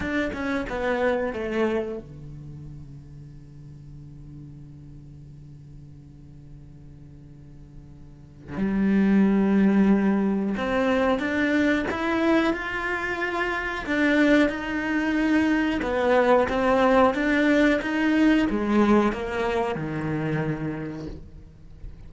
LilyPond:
\new Staff \with { instrumentName = "cello" } { \time 4/4 \tempo 4 = 91 d'8 cis'8 b4 a4 d4~ | d1~ | d1~ | d4 g2. |
c'4 d'4 e'4 f'4~ | f'4 d'4 dis'2 | b4 c'4 d'4 dis'4 | gis4 ais4 dis2 | }